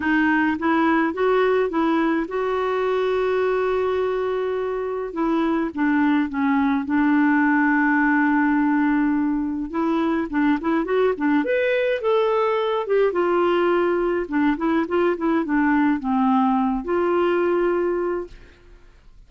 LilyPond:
\new Staff \with { instrumentName = "clarinet" } { \time 4/4 \tempo 4 = 105 dis'4 e'4 fis'4 e'4 | fis'1~ | fis'4 e'4 d'4 cis'4 | d'1~ |
d'4 e'4 d'8 e'8 fis'8 d'8 | b'4 a'4. g'8 f'4~ | f'4 d'8 e'8 f'8 e'8 d'4 | c'4. f'2~ f'8 | }